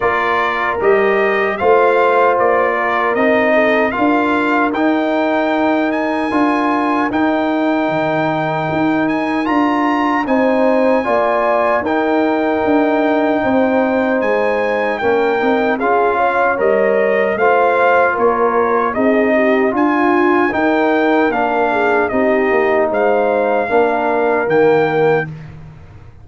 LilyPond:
<<
  \new Staff \with { instrumentName = "trumpet" } { \time 4/4 \tempo 4 = 76 d''4 dis''4 f''4 d''4 | dis''4 f''4 g''4. gis''8~ | gis''4 g''2~ g''8 gis''8 | ais''4 gis''2 g''4~ |
g''2 gis''4 g''4 | f''4 dis''4 f''4 cis''4 | dis''4 gis''4 g''4 f''4 | dis''4 f''2 g''4 | }
  \new Staff \with { instrumentName = "horn" } { \time 4/4 ais'2 c''4. ais'8~ | ais'8 a'8 ais'2.~ | ais'1~ | ais'4 c''4 d''4 ais'4~ |
ais'4 c''2 ais'4 | gis'8 cis''4. c''4 ais'4 | gis'8 g'8 f'4 ais'4. gis'8 | g'4 c''4 ais'2 | }
  \new Staff \with { instrumentName = "trombone" } { \time 4/4 f'4 g'4 f'2 | dis'4 f'4 dis'2 | f'4 dis'2. | f'4 dis'4 f'4 dis'4~ |
dis'2. cis'8 dis'8 | f'4 ais'4 f'2 | dis'4 f'4 dis'4 d'4 | dis'2 d'4 ais4 | }
  \new Staff \with { instrumentName = "tuba" } { \time 4/4 ais4 g4 a4 ais4 | c'4 d'4 dis'2 | d'4 dis'4 dis4 dis'4 | d'4 c'4 ais4 dis'4 |
d'4 c'4 gis4 ais8 c'8 | cis'4 g4 a4 ais4 | c'4 d'4 dis'4 ais4 | c'8 ais8 gis4 ais4 dis4 | }
>>